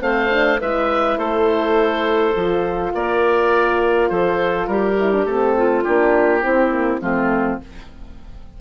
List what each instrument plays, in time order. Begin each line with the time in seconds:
0.00 bassoon A3, horn C4, clarinet C5, oboe F5
0.30 horn D4
0.60 bassoon G#3, horn E4, clarinet B4, oboe E5
1.17 bassoon A3, clarinet A4, oboe C5
2.35 bassoon F3, horn F4
2.94 bassoon A#3, clarinet A#4, oboe D5
4.09 bassoon F3, clarinet A4, oboe C5
4.67 bassoon G3, clarinet G4, oboe A#4
4.99 horn E4
5.12 horn D4
5.25 bassoon A3, horn C4, oboe A4
5.57 clarinet F4
5.84 bassoon A#3, horn D4, oboe G4
6.41 horn C4, bassoon C4, clarinet E4
6.71 horn A#3
7.01 bassoon F3, horn A3, clarinet C4, oboe F4